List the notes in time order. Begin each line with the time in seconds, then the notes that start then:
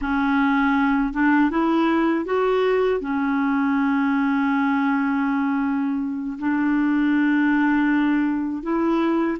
0.01 C#4
1.13 D4
1.50 E4
2.25 F#4
3.00 C#4
6.38 D4
8.62 E4